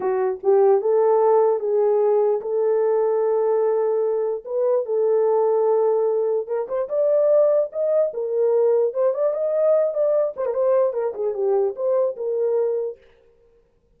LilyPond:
\new Staff \with { instrumentName = "horn" } { \time 4/4 \tempo 4 = 148 fis'4 g'4 a'2 | gis'2 a'2~ | a'2. b'4 | a'1 |
ais'8 c''8 d''2 dis''4 | ais'2 c''8 d''8 dis''4~ | dis''8 d''4 c''16 ais'16 c''4 ais'8 gis'8 | g'4 c''4 ais'2 | }